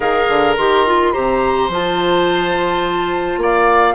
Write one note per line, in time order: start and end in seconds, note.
0.00 0.26 D#3
0.00 0.56 G#4
0.00 1.12 A#4
0.00 0.54 F5
0.28 0.57 D3
0.57 1.14 D#3
0.57 0.86 G4
0.57 1.12 C6
0.86 1.13 F4
1.12 1.68 C3
1.12 1.70 G4
1.12 3.39 C5
1.12 1.69 A#5
1.68 3.37 F3
1.68 3.94 F4
1.68 3.42 A5
3.37 3.94 A#3
3.37 3.94 D5
3.37 3.94 F5